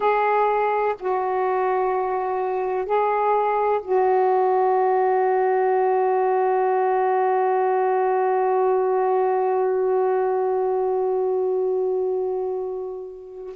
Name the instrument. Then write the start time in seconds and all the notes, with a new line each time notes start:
saxophone
0.00 G#4
0.99 F#4
2.85 G#4
3.82 F#4